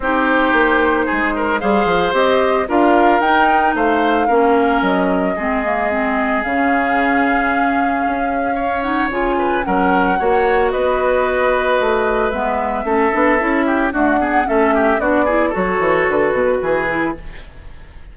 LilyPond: <<
  \new Staff \with { instrumentName = "flute" } { \time 4/4 \tempo 4 = 112 c''2. f''4 | dis''4 f''4 g''4 f''4~ | f''4 dis''2. | f''1~ |
f''8 fis''8 gis''4 fis''2 | dis''2. e''4~ | e''2 fis''4 e''4 | d''4 cis''4 b'2 | }
  \new Staff \with { instrumentName = "oboe" } { \time 4/4 g'2 gis'8 ais'8 c''4~ | c''4 ais'2 c''4 | ais'2 gis'2~ | gis'1 |
cis''4. b'8 ais'4 cis''4 | b'1 | a'4. g'8 fis'8 gis'8 a'8 g'8 | fis'8 gis'8 a'2 gis'4 | }
  \new Staff \with { instrumentName = "clarinet" } { \time 4/4 dis'2. gis'4 | g'4 f'4 dis'2 | cis'2 c'8 ais8 c'4 | cis'1~ |
cis'8 dis'8 f'4 cis'4 fis'4~ | fis'2. b4 | cis'8 d'8 e'4 a8 b8 cis'4 | d'8 e'8 fis'2~ fis'8 e'8 | }
  \new Staff \with { instrumentName = "bassoon" } { \time 4/4 c'4 ais4 gis4 g8 f8 | c'4 d'4 dis'4 a4 | ais4 fis4 gis2 | cis2. cis'4~ |
cis'4 cis4 fis4 ais4 | b2 a4 gis4 | a8 b8 cis'4 d'4 a4 | b4 fis8 e8 d8 b,8 e4 | }
>>